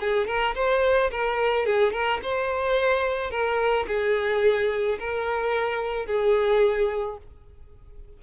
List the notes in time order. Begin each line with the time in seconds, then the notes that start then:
0.00 G#4
0.27 A#4
0.55 C5
1.11 A#4
1.65 G#4
1.92 A#4
2.22 C5
3.30 A#4
3.87 G#4
4.99 A#4
6.06 G#4